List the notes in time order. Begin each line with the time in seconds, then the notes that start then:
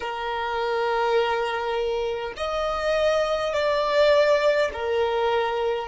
0.00 A#4
2.36 D#5
3.53 D5
4.73 A#4